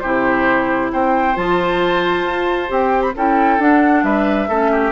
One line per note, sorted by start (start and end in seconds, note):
0.00 0.93 C3
0.00 1.34 E4
0.00 0.91 G4
0.00 0.90 C5
0.93 1.36 C4
0.93 3.16 C5
0.93 1.36 G5
1.34 2.24 F3
1.34 2.67 F4
1.34 2.71 A5
2.24 2.69 F4
2.67 3.15 C4
2.67 3.12 G4
2.67 3.02 G5
3.02 3.13 B5
3.15 3.58 C#4
3.15 3.60 E4
3.15 4.04 A4
3.15 3.61 G5
3.58 4.03 D4
3.58 4.49 D4
3.58 4.04 F#5
4.03 4.48 G3
4.03 4.48 B4
4.03 4.92 E5
4.48 4.92 A3
4.48 4.92 C#4
4.48 4.71 A4
4.71 4.92 G4